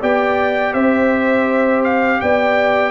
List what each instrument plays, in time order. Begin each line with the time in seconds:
0.00 tuba B3, trombone G4, horn D5, trumpet G5
0.74 tuba C4, horn C5, trumpet E5
1.84 trumpet F5
2.21 tuba B3, horn D5, trumpet G5